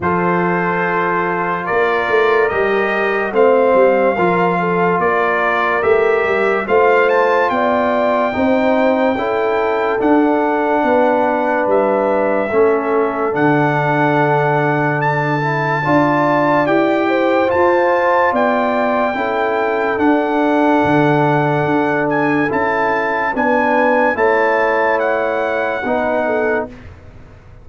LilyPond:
<<
  \new Staff \with { instrumentName = "trumpet" } { \time 4/4 \tempo 4 = 72 c''2 d''4 dis''4 | f''2 d''4 e''4 | f''8 a''8 g''2. | fis''2 e''2 |
fis''2 a''2 | g''4 a''4 g''2 | fis''2~ fis''8 gis''8 a''4 | gis''4 a''4 fis''2 | }
  \new Staff \with { instrumentName = "horn" } { \time 4/4 a'2 ais'2 | c''4 ais'8 a'8 ais'2 | c''4 d''4 c''4 a'4~ | a'4 b'2 a'4~ |
a'2. d''4~ | d''8 c''4. d''4 a'4~ | a'1 | b'4 cis''2 b'8 a'8 | }
  \new Staff \with { instrumentName = "trombone" } { \time 4/4 f'2. g'4 | c'4 f'2 g'4 | f'2 dis'4 e'4 | d'2. cis'4 |
d'2~ d'8 e'8 f'4 | g'4 f'2 e'4 | d'2. e'4 | d'4 e'2 dis'4 | }
  \new Staff \with { instrumentName = "tuba" } { \time 4/4 f2 ais8 a8 g4 | a8 g8 f4 ais4 a8 g8 | a4 b4 c'4 cis'4 | d'4 b4 g4 a4 |
d2. d'4 | e'4 f'4 b4 cis'4 | d'4 d4 d'4 cis'4 | b4 a2 b4 | }
>>